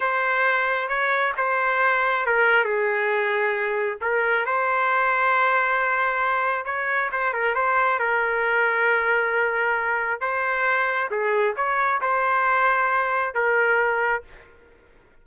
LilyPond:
\new Staff \with { instrumentName = "trumpet" } { \time 4/4 \tempo 4 = 135 c''2 cis''4 c''4~ | c''4 ais'4 gis'2~ | gis'4 ais'4 c''2~ | c''2. cis''4 |
c''8 ais'8 c''4 ais'2~ | ais'2. c''4~ | c''4 gis'4 cis''4 c''4~ | c''2 ais'2 | }